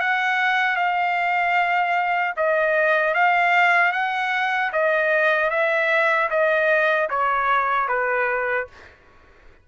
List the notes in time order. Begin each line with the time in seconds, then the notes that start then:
0.00 F#5
0.76 F5
2.37 D#5
3.14 F5
3.92 F#5
4.73 D#5
5.50 E5
6.30 D#5
7.10 C#5
7.88 B4